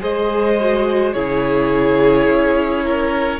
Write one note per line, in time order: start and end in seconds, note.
0.00 1.14 G#3
0.00 0.57 G#4
0.00 1.14 C5
0.00 1.13 D#5
0.60 1.16 F#4
1.13 2.27 C#3
1.13 3.40 E4
1.13 2.84 G#4
1.13 3.40 C#5
2.27 3.40 C#4
2.84 3.40 A#4